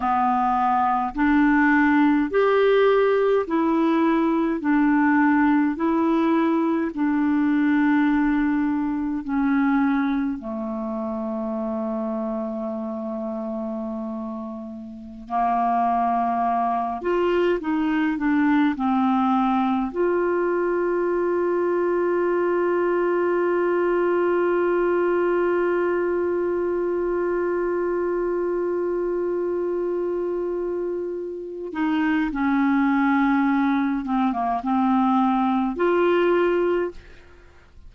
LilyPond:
\new Staff \with { instrumentName = "clarinet" } { \time 4/4 \tempo 4 = 52 b4 d'4 g'4 e'4 | d'4 e'4 d'2 | cis'4 a2.~ | a4~ a16 ais4. f'8 dis'8 d'16~ |
d'16 c'4 f'2~ f'8.~ | f'1~ | f'2.~ f'8 dis'8 | cis'4. c'16 ais16 c'4 f'4 | }